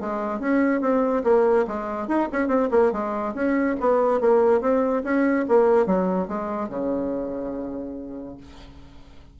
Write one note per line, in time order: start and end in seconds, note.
0.00 0.40 G#3
0.40 0.81 C#4
0.81 1.23 C4
1.24 1.66 A#3
1.67 2.08 G#3
2.08 2.29 D#4
2.32 2.48 C#4
2.48 2.69 C4
2.71 2.92 A#3
2.92 3.34 G#3
3.34 3.76 C#4
3.80 4.21 B3
4.21 4.61 A#3
4.61 5.03 C4
5.04 5.46 C#4
5.48 5.86 A#3
5.86 6.28 F#3
6.28 6.69 G#3
6.69 8.37 C#3